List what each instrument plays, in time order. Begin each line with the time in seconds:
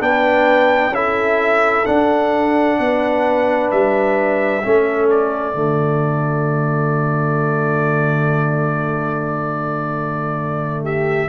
0.00 tuba B3, trombone D4, horn B4, trumpet G5
0.89 tuba C#4, trombone E4, trumpet E5
0.95 horn A4
1.85 trombone D4, tuba D4, trumpet F#5
2.79 tuba B3, horn B4
3.71 tuba G3, trumpet E5
4.63 tuba A3, trombone C#4, horn A4
5.10 trumpet D5
5.52 tuba D3, trombone A3, horn F#4
10.83 horn G4, trumpet E5